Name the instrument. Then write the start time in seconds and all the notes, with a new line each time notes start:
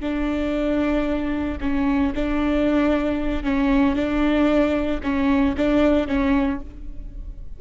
viola
0.00 D4
1.60 C#4
2.15 D4
3.43 C#4
3.95 D4
5.03 C#4
5.57 D4
6.07 C#4